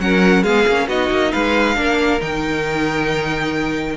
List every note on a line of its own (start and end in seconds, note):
0.00 0.43 F#3
0.00 0.45 C#4
0.00 0.43 A#4
0.00 0.43 F#5
0.43 0.66 G#3
0.43 0.68 B3
0.43 0.87 G#4
0.43 0.88 F5
0.68 0.88 A#3
0.68 0.90 C#4
0.88 1.10 B3
0.88 1.75 D#4
0.88 1.32 F#4
0.88 1.32 D#5
1.10 1.33 A#3
1.32 1.76 G#3
1.32 1.76 B4
1.32 2.21 F5
1.75 2.21 A#3
1.75 2.19 D4
1.75 3.97 A#4
2.20 3.97 D#3
2.20 3.96 D#4
2.20 3.97 G5